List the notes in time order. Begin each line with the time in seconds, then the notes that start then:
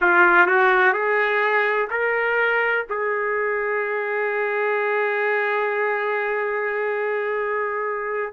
0.01 F4
0.46 F#4
0.93 G#4
1.90 A#4
2.89 G#4